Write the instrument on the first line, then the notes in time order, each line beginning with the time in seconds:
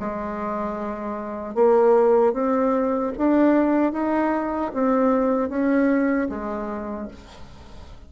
bassoon
0.00 G#3
1.55 A#3
2.34 C4
3.18 D4
3.93 D#4
4.74 C4
5.49 C#4
6.29 G#3